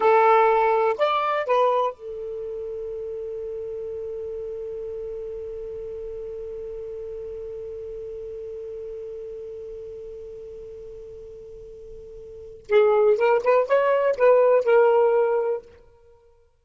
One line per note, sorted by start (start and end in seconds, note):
0.00 0.96 A4
0.98 1.46 D5
1.46 1.93 B4
1.93 12.66 A4
12.69 13.17 G#4
13.17 13.41 A#4
13.43 13.67 B4
13.67 14.16 C#5
14.17 14.64 B4
14.64 15.61 A#4